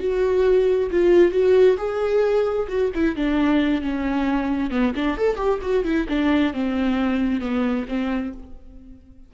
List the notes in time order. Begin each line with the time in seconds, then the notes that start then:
0.00 F#4
0.91 F4
1.32 F#4
1.78 G#4
2.68 F#4
2.95 E4
3.16 D4
3.82 C#4
4.71 B3
4.96 D4
5.18 A4
5.36 G4
5.62 F#4
5.84 E4
6.09 D4
6.54 C4
7.41 B3
7.88 C4